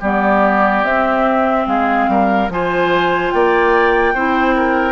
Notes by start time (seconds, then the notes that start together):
0.00 G3 B3 G4 D5
0.84 C4 E5
1.67 G#3 G#4 F5
2.09 G3 A#4
2.49 F3 F4 C5 G#5
3.31 A#3 D5 G5
4.14 C4 E4 C5
4.56 A#4